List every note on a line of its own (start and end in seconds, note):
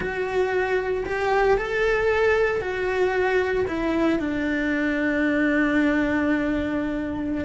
0.00 1.04 F#4
1.05 1.57 G4
1.57 2.61 A4
2.61 3.65 F#4
3.67 4.19 E4
4.19 7.44 D4